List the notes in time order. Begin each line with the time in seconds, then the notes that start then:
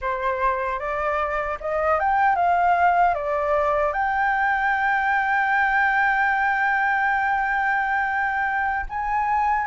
0.01 C5
0.79 D5
1.60 D#5
1.99 G5
2.35 F5
3.14 D5
3.92 G5
8.89 G#5